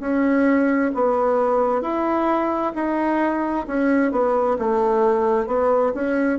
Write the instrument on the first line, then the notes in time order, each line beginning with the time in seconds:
bassoon
0.00 C#4
0.94 B3
1.81 E4
2.75 D#4
3.67 C#4
4.11 B3
4.59 A3
5.47 B3
5.94 C#4